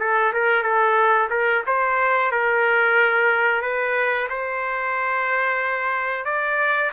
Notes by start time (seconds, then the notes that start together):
0.00 A4
0.33 A#4
0.63 A4
1.30 A#4
1.67 C5
2.32 A#4
3.62 B4
4.30 C5
6.25 D5